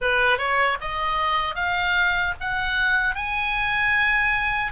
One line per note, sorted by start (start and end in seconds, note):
0.01 0.38 B4
0.38 0.77 C#5
0.80 1.55 D#5
1.55 2.34 F5
2.40 3.15 F#5
3.15 4.72 G#5